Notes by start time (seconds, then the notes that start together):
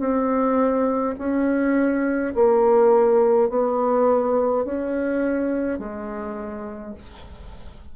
0.00 C4
1.19 C#4
2.35 A#3
3.49 B3
4.65 C#4
5.79 G#3